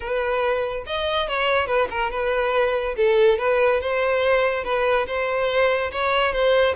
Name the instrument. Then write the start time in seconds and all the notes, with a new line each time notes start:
violin
0.00 B4
0.86 D#5
1.28 C#5
1.66 B4
1.90 A#4
2.10 B4
2.96 A4
3.38 B4
3.80 C5
4.64 B4
5.06 C5
5.91 C#5
6.32 C5